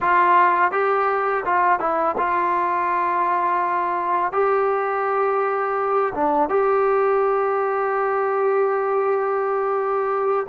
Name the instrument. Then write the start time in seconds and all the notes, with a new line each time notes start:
trombone
0.00 F4
0.71 G4
1.45 F4
1.79 E4
2.17 F4
4.32 G4
6.14 D4
6.49 G4